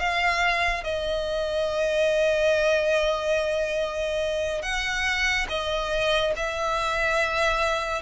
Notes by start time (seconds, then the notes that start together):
0.00 F5
0.84 D#5
4.62 F#5
5.49 D#5
6.37 E5